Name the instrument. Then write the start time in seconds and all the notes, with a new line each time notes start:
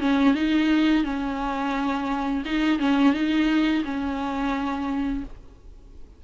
viola
0.00 C#4
0.35 D#4
1.04 C#4
2.45 D#4
2.80 C#4
3.14 D#4
3.85 C#4